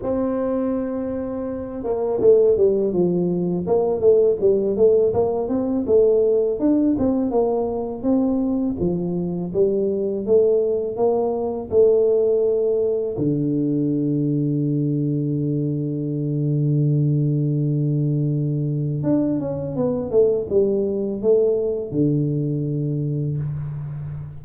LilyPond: \new Staff \with { instrumentName = "tuba" } { \time 4/4 \tempo 4 = 82 c'2~ c'8 ais8 a8 g8 | f4 ais8 a8 g8 a8 ais8 c'8 | a4 d'8 c'8 ais4 c'4 | f4 g4 a4 ais4 |
a2 d2~ | d1~ | d2 d'8 cis'8 b8 a8 | g4 a4 d2 | }